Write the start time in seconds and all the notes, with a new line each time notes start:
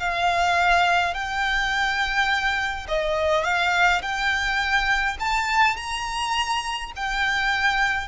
0.00 F5
1.14 G5
2.88 D#5
3.44 F5
4.02 G5
5.20 A5
5.77 A#5
6.96 G5